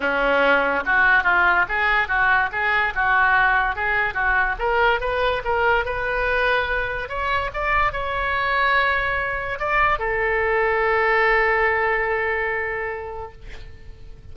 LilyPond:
\new Staff \with { instrumentName = "oboe" } { \time 4/4 \tempo 4 = 144 cis'2 fis'4 f'4 | gis'4 fis'4 gis'4 fis'4~ | fis'4 gis'4 fis'4 ais'4 | b'4 ais'4 b'2~ |
b'4 cis''4 d''4 cis''4~ | cis''2. d''4 | a'1~ | a'1 | }